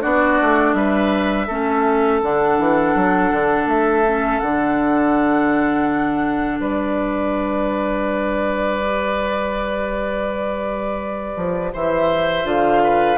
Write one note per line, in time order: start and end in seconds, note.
0.00 0.40 B3
0.00 1.46 D4
0.00 0.74 F#4
0.00 0.73 D5
0.41 0.73 A3
0.73 1.46 G3
0.73 1.47 B4
0.73 2.20 E5
1.47 2.22 A3
1.47 2.22 C#4
1.47 6.59 A4
2.22 2.59 D3
2.22 4.05 D4
2.22 3.68 F#5
2.59 2.95 E3
2.95 3.31 F#3
3.32 3.66 D3
3.66 4.39 A3
3.66 4.39 E5
4.05 4.42 C#4
4.39 6.58 D3
4.39 8.82 D4
4.39 6.58 F#5
6.58 11.34 G3
6.58 11.72 B4
6.58 11.73 D5
8.82 12.43 G4
11.36 11.73 F3
11.72 12.44 E3
11.72 12.82 C5
11.72 12.47 E5
12.43 13.17 D3
12.43 13.16 F4
12.43 13.18 F5
12.83 13.18 B4